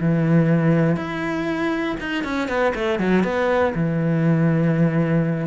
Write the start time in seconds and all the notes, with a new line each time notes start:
0.00 E3
0.96 E4
2.00 D#4
2.24 C#4
2.48 B3
2.75 A3
2.99 F#3
3.23 B3
3.75 E3